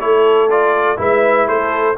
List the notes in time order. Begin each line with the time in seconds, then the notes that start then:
0.00 A3 E4 A4 C#5
0.50 F4 D5
0.97 G#3 E4 B4 E5
1.48 A3 A4 C5